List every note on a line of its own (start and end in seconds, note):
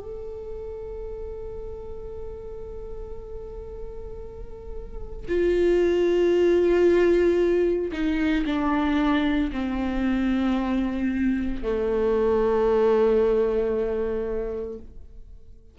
0.00 5.26 A4
5.29 7.92 F4
7.92 8.45 D#4
8.46 9.51 D4
9.53 11.63 C4
11.63 14.78 A3